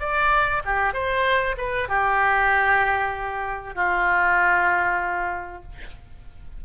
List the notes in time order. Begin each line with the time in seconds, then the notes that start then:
0.00 D5
0.65 G4
0.94 C5
1.58 B4
1.89 G4
3.75 F4